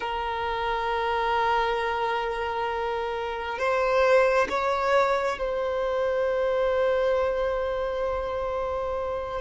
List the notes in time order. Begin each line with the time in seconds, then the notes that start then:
0.00 A#4
3.58 C5
4.49 C#5
5.38 C5